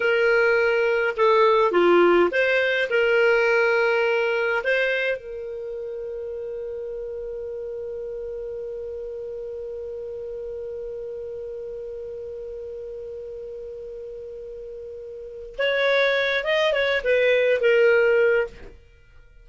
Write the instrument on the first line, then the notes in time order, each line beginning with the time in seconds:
clarinet
0.00 A#4
1.16 A4
1.72 F4
2.31 C5
2.90 A#4
4.64 C5
5.17 A#4
15.58 C#5
16.44 D#5
16.73 C#5
17.03 B4
17.61 A#4